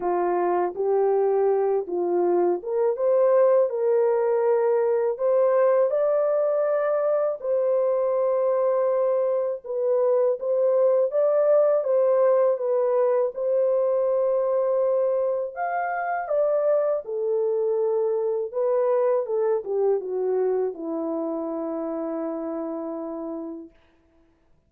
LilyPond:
\new Staff \with { instrumentName = "horn" } { \time 4/4 \tempo 4 = 81 f'4 g'4. f'4 ais'8 | c''4 ais'2 c''4 | d''2 c''2~ | c''4 b'4 c''4 d''4 |
c''4 b'4 c''2~ | c''4 f''4 d''4 a'4~ | a'4 b'4 a'8 g'8 fis'4 | e'1 | }